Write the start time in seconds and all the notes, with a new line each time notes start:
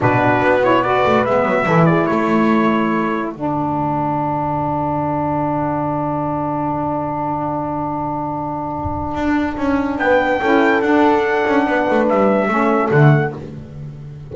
0.00 B2 D4 F#4 B4
0.42 B3
0.63 E4 C#5
0.82 F#4 B4 D5
1.05 A3
1.25 G#3 B3 E5
1.45 F#3
1.66 E3 E4 A4
1.85 G#4 D5
2.06 A3 A4 C#5
3.29 D4 F#5
3.35 D3
9.14 D4
9.56 C#4
9.98 B3 B4 G5
10.41 C#4 E4 A4
10.81 D4 F#5
11.47 C#4
11.66 B3 B4
11.90 A3
12.08 G3 E5
12.48 A3 C#4 A4
12.90 D3 A3 F#5